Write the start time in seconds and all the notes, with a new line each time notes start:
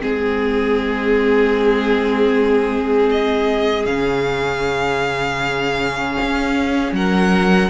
0.00 G#3 C4 G#4
3.10 D#5
3.86 C#3 C#4 F5
6.22 C#4
6.92 F#3 A#4 F#5